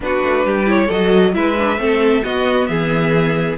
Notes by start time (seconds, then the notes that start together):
0.00 B3 D4 F#4 B4
0.23 A3
0.45 G3 G4
0.65 E4 C#5
0.87 F#3 F#4 A4 D#5
1.33 G#3 E4 B4 E5
1.58 D4
1.77 A3 C4 A4
2.23 B3 F#4 D#5
2.66 E3 G#4 E5